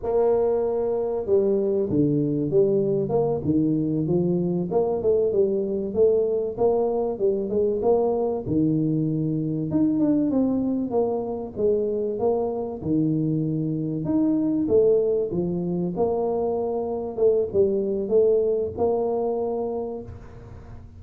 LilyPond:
\new Staff \with { instrumentName = "tuba" } { \time 4/4 \tempo 4 = 96 ais2 g4 d4 | g4 ais8 dis4 f4 ais8 | a8 g4 a4 ais4 g8 | gis8 ais4 dis2 dis'8 |
d'8 c'4 ais4 gis4 ais8~ | ais8 dis2 dis'4 a8~ | a8 f4 ais2 a8 | g4 a4 ais2 | }